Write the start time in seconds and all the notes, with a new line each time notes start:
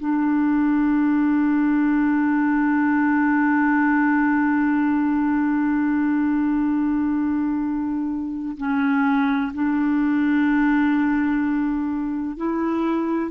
0.00 D4
8.58 C#4
9.54 D4
12.37 E4